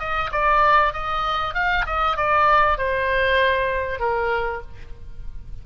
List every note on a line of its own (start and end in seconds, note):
0.00 0.31 D#5
0.32 0.94 D5
0.94 1.55 D#5
1.55 1.86 F5
1.87 2.17 D#5
2.17 2.78 D5
2.78 4.00 C5
4.00 4.62 A#4